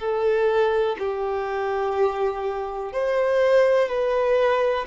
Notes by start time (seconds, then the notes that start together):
0.00 A4
0.99 G4
2.93 C5
3.89 B4